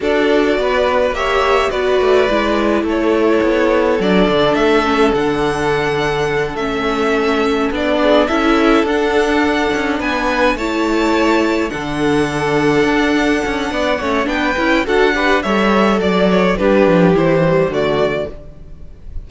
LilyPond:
<<
  \new Staff \with { instrumentName = "violin" } { \time 4/4 \tempo 4 = 105 d''2 e''4 d''4~ | d''4 cis''2 d''4 | e''4 fis''2~ fis''8 e''8~ | e''4. d''4 e''4 fis''8~ |
fis''4. gis''4 a''4.~ | a''8 fis''2.~ fis''8~ | fis''4 g''4 fis''4 e''4 | d''8 cis''8 b'4 c''4 d''4 | }
  \new Staff \with { instrumentName = "violin" } { \time 4/4 a'4 b'4 cis''4 b'4~ | b'4 a'2.~ | a'1~ | a'2 gis'8 a'4.~ |
a'4. b'4 cis''4.~ | cis''8 a'2.~ a'8 | d''8 cis''8 b'4 a'8 b'8 cis''4 | d''4 g'2 fis'4 | }
  \new Staff \with { instrumentName = "viola" } { \time 4/4 fis'2 g'4 fis'4 | e'2. d'4~ | d'8 cis'8 d'2~ d'8 cis'8~ | cis'4. d'4 e'4 d'8~ |
d'2~ d'8 e'4.~ | e'8 d'2.~ d'8~ | d'8 cis'8 d'8 e'8 fis'8 g'8 a'4~ | a'4 d'4 e'8 g8 a4 | }
  \new Staff \with { instrumentName = "cello" } { \time 4/4 d'4 b4 ais4 b8 a8 | gis4 a4 b4 fis8 d8 | a4 d2~ d8 a8~ | a4. b4 cis'4 d'8~ |
d'4 cis'8 b4 a4.~ | a8 d2 d'4 cis'8 | b8 a8 b8 cis'8 d'4 g4 | fis4 g8 f8 e4 d4 | }
>>